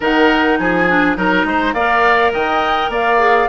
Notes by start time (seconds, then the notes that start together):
0.00 D#3 D#4 A#4 F#5
0.58 F3 G#4 G#5
0.88 D4
1.16 F#3 D#4 A#4 A#5
1.44 G#3 C5
1.73 A#3 A#4 D5 F5
2.33 D#3 D#5 G5
2.88 A#3 D5 F5
3.18 G#4